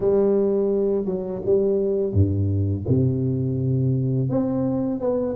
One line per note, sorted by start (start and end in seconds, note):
0.00 1.05 G3
1.05 1.41 F#3
1.45 2.13 G3
2.13 2.84 G2
2.87 4.29 C3
4.29 5.00 C4
5.00 5.35 B3